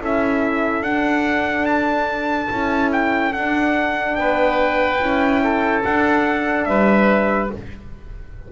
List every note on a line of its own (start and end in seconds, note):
0.00 0.81 C#4
0.00 0.83 E4
0.00 4.18 A4
0.00 0.83 E5
0.81 2.48 D4
0.81 2.49 D4
0.81 1.65 F#5
1.65 2.90 A5
2.50 3.34 C#4
2.50 3.34 E4
2.92 3.33 G5
3.33 4.17 D4
3.33 5.00 D4
3.33 4.15 F#5
4.15 5.00 B3
4.15 5.43 B4
4.15 5.82 G5
5.00 5.83 C#4
5.00 5.83 E4
5.44 6.68 A4
5.84 7.52 D4
5.84 6.66 D4
5.84 6.65 F#5
6.65 7.50 G3
6.65 7.52 B4
6.65 7.48 E5